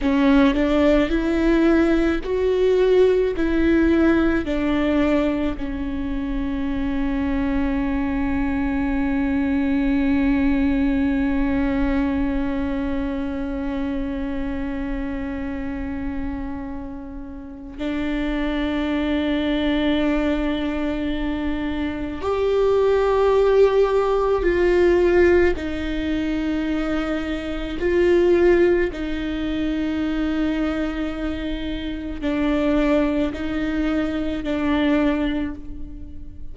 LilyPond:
\new Staff \with { instrumentName = "viola" } { \time 4/4 \tempo 4 = 54 cis'8 d'8 e'4 fis'4 e'4 | d'4 cis'2.~ | cis'1~ | cis'1 |
d'1 | g'2 f'4 dis'4~ | dis'4 f'4 dis'2~ | dis'4 d'4 dis'4 d'4 | }